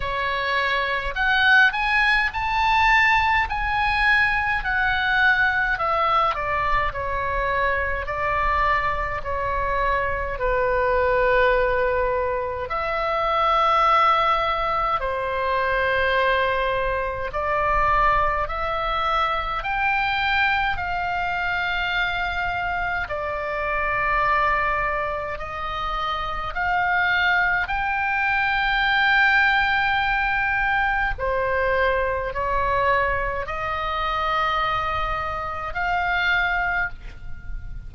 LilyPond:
\new Staff \with { instrumentName = "oboe" } { \time 4/4 \tempo 4 = 52 cis''4 fis''8 gis''8 a''4 gis''4 | fis''4 e''8 d''8 cis''4 d''4 | cis''4 b'2 e''4~ | e''4 c''2 d''4 |
e''4 g''4 f''2 | d''2 dis''4 f''4 | g''2. c''4 | cis''4 dis''2 f''4 | }